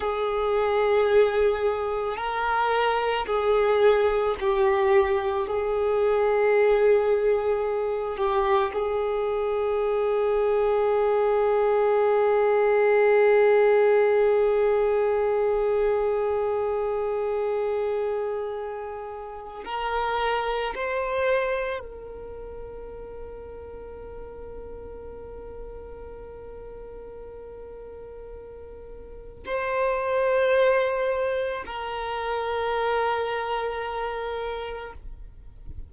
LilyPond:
\new Staff \with { instrumentName = "violin" } { \time 4/4 \tempo 4 = 55 gis'2 ais'4 gis'4 | g'4 gis'2~ gis'8 g'8 | gis'1~ | gis'1~ |
gis'2 ais'4 c''4 | ais'1~ | ais'2. c''4~ | c''4 ais'2. | }